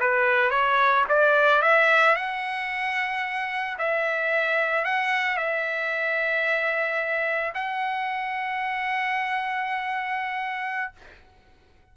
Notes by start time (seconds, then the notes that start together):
0.00 B4
0.51 C#5
1.09 D5
1.62 E5
2.16 F#5
3.79 E5
4.85 F#5
5.37 E5
7.55 F#5